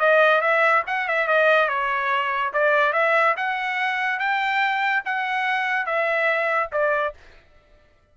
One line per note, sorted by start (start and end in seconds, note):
0.00 0.41 D#5
0.41 0.83 E5
0.87 1.08 F#5
1.08 1.28 E5
1.28 1.69 D#5
1.69 2.53 C#5
2.54 2.93 D5
2.93 3.35 E5
3.37 4.19 F#5
4.19 5.03 G5
5.06 5.86 F#5
5.86 6.70 E5
6.72 7.14 D5